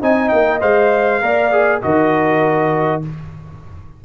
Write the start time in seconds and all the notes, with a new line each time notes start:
0.00 C4 D#4 D#5 G#5
0.28 A#3 G5
0.60 G#3 C5 F5
1.21 A#3 A#4 D5
1.51 G#4
1.81 D#3 F#4 A#4 D#5